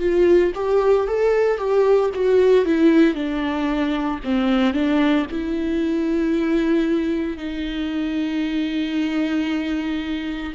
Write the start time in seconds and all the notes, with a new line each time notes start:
0.00 F4
0.55 G4
1.08 A4
1.58 G4
2.14 F#4
2.66 E4
3.15 D4
4.24 C4
4.74 D4
5.31 E4
7.37 D#4